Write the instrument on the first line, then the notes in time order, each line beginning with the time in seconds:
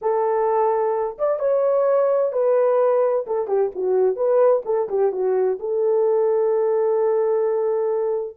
horn
0.01 A4
1.18 D5
1.39 C#5
2.32 B4
3.26 A4
3.47 G4
3.75 F#4
4.15 B4
4.65 A4
4.88 G4
5.12 F#4
5.59 A4